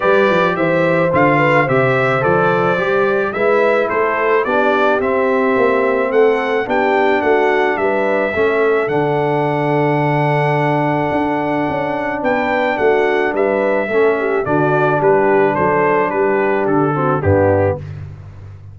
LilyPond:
<<
  \new Staff \with { instrumentName = "trumpet" } { \time 4/4 \tempo 4 = 108 d''4 e''4 f''4 e''4 | d''2 e''4 c''4 | d''4 e''2 fis''4 | g''4 fis''4 e''2 |
fis''1~ | fis''2 g''4 fis''4 | e''2 d''4 b'4 | c''4 b'4 a'4 g'4 | }
  \new Staff \with { instrumentName = "horn" } { \time 4/4 b'4 c''4. b'8 c''4~ | c''2 b'4 a'4 | g'2. a'4 | g'4 fis'4 b'4 a'4~ |
a'1~ | a'2 b'4 fis'4 | b'4 a'8 g'8 fis'4 g'4 | a'4 g'4. fis'8 d'4 | }
  \new Staff \with { instrumentName = "trombone" } { \time 4/4 g'2 f'4 g'4 | a'4 g'4 e'2 | d'4 c'2. | d'2. cis'4 |
d'1~ | d'1~ | d'4 cis'4 d'2~ | d'2~ d'8 c'8 b4 | }
  \new Staff \with { instrumentName = "tuba" } { \time 4/4 g8 f8 e4 d4 c4 | f4 g4 gis4 a4 | b4 c'4 ais4 a4 | b4 a4 g4 a4 |
d1 | d'4 cis'4 b4 a4 | g4 a4 d4 g4 | fis4 g4 d4 g,4 | }
>>